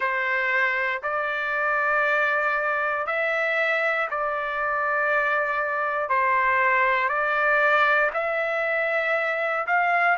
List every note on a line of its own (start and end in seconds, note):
0.00 1.01 C5
1.03 3.06 D5
3.06 4.08 E5
4.10 6.09 D5
6.09 7.09 C5
7.09 8.10 D5
8.14 9.66 E5
9.66 10.17 F5